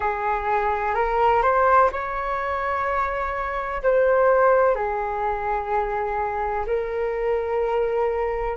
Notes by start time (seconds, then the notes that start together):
0.00 G#4
0.94 A#4
1.42 C5
1.91 C#5
3.83 C5
4.75 G#4
6.66 A#4